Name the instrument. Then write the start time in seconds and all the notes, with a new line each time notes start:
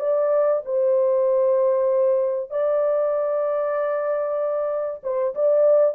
horn
0.00 D5
0.66 C5
2.51 D5
5.03 C5
5.35 D5